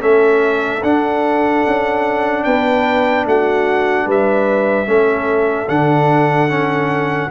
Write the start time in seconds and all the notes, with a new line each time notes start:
0.00 A3 C#4 A4 E5
0.83 D4 F#5
1.66 C#4
2.44 B3 B4 G5
3.26 A3 F#4 F#5
4.06 G3 B4 E5
4.86 A3 C#4 A4
5.69 D3 D4 F#5
6.49 C#4